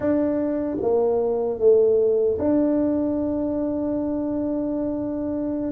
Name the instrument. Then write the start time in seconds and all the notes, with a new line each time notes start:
tuba
0.00 D4
0.81 A#3
1.59 A3
2.38 D4